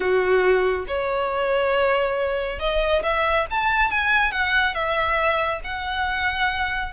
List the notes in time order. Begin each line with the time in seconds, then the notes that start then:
0.00 F#4
0.87 C#5
2.59 D#5
3.02 E5
3.50 A5
3.90 G#5
4.31 F#5
4.74 E5
5.64 F#5